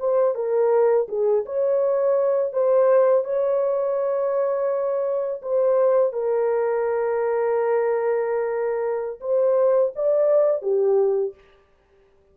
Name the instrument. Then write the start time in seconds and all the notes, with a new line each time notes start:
horn
0.00 C5
0.35 A#4
1.09 G#4
1.46 C#5
2.53 C5
3.25 C#5
5.42 C5
6.13 A#4
9.21 C5
9.96 D5
10.62 G4